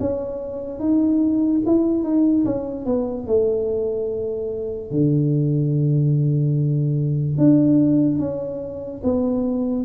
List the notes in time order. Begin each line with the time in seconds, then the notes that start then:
0.00 C#4
0.80 D#4
1.66 E4
2.04 D#4
2.45 C#4
2.86 B3
3.27 A3
4.91 D3
7.37 D4
8.19 C#4
9.03 B3